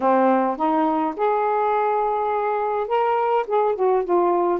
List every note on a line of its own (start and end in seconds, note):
0.00 0.56 C4
0.56 1.14 D#4
1.16 2.87 G#4
2.87 3.45 A#4
3.47 3.75 G#4
3.75 4.04 F#4
4.04 4.59 F4